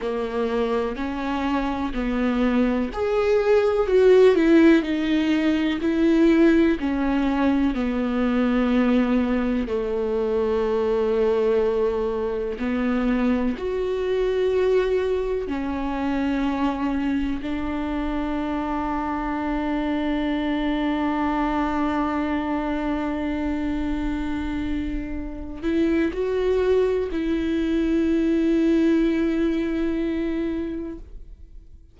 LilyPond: \new Staff \with { instrumentName = "viola" } { \time 4/4 \tempo 4 = 62 ais4 cis'4 b4 gis'4 | fis'8 e'8 dis'4 e'4 cis'4 | b2 a2~ | a4 b4 fis'2 |
cis'2 d'2~ | d'1~ | d'2~ d'8 e'8 fis'4 | e'1 | }